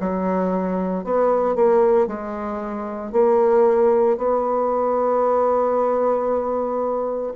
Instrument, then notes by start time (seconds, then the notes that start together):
bassoon
0.00 F#3
1.04 B3
1.55 A#3
2.07 G#3
3.12 A#3
4.17 B3